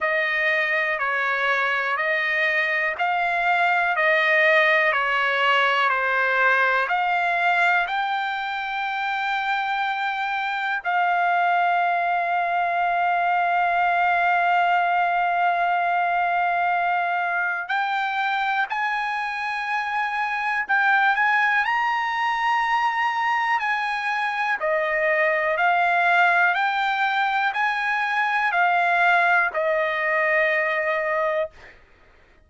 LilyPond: \new Staff \with { instrumentName = "trumpet" } { \time 4/4 \tempo 4 = 61 dis''4 cis''4 dis''4 f''4 | dis''4 cis''4 c''4 f''4 | g''2. f''4~ | f''1~ |
f''2 g''4 gis''4~ | gis''4 g''8 gis''8 ais''2 | gis''4 dis''4 f''4 g''4 | gis''4 f''4 dis''2 | }